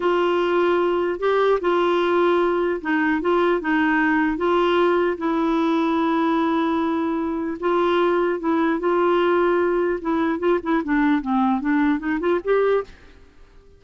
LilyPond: \new Staff \with { instrumentName = "clarinet" } { \time 4/4 \tempo 4 = 150 f'2. g'4 | f'2. dis'4 | f'4 dis'2 f'4~ | f'4 e'2.~ |
e'2. f'4~ | f'4 e'4 f'2~ | f'4 e'4 f'8 e'8 d'4 | c'4 d'4 dis'8 f'8 g'4 | }